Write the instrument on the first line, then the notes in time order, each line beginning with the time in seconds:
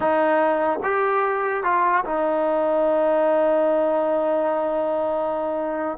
trombone
0.00 D#4
0.83 G4
1.63 F4
2.05 D#4